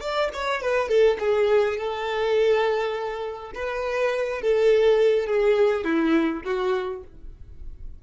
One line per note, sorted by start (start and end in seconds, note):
0.00 0.29 D5
0.33 0.61 C#5
0.61 0.89 B4
0.89 1.18 A4
1.19 1.77 G#4
1.77 3.52 A4
3.55 4.41 B4
4.41 5.26 A4
5.26 5.84 G#4
5.84 6.43 E4
6.45 7.03 F#4